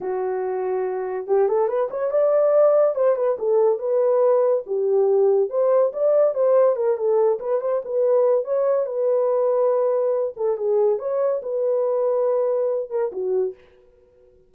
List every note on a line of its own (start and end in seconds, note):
0.00 1.27 F#4
1.27 1.48 G4
1.48 1.67 A4
1.67 1.89 B4
1.90 2.10 C#5
2.10 2.95 D5
2.95 3.16 C5
3.16 3.37 B4
3.38 3.78 A4
3.78 4.63 B4
4.66 5.49 G4
5.49 5.92 C5
5.93 6.34 D5
6.34 6.76 C5
6.76 6.97 A#4
6.97 7.39 A4
7.39 7.60 B4
7.60 7.81 C5
7.85 8.44 B4
8.44 8.86 C#5
8.86 10.34 B4
10.36 10.57 A4
10.57 10.98 G#4
10.98 11.41 C#5
11.42 12.89 B4
12.89 13.11 A#4
13.12 13.54 F#4